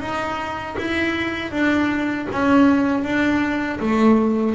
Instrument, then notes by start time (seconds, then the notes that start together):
double bass
0.00 D#4
0.78 E4
1.52 D4
2.32 C#4
3.04 D4
3.80 A3